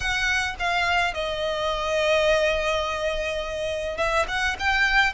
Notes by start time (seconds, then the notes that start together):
0.00 F#5
0.59 F5
1.14 D#5
3.97 E5
4.28 F#5
4.59 G5